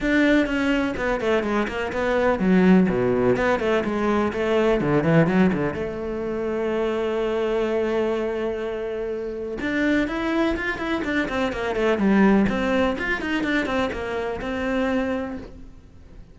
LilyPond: \new Staff \with { instrumentName = "cello" } { \time 4/4 \tempo 4 = 125 d'4 cis'4 b8 a8 gis8 ais8 | b4 fis4 b,4 b8 a8 | gis4 a4 d8 e8 fis8 d8 | a1~ |
a1 | d'4 e'4 f'8 e'8 d'8 c'8 | ais8 a8 g4 c'4 f'8 dis'8 | d'8 c'8 ais4 c'2 | }